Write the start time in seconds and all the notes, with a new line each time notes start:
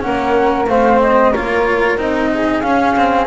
0.00 A#3 C#4 A#4 F#5
0.67 A3 C4 C5 F5
1.01 D#5
1.32 A#3 F4 A#4 C#5
1.97 C4 D#4 D#5
2.35 G#4
2.61 C#4 F5
2.97 C4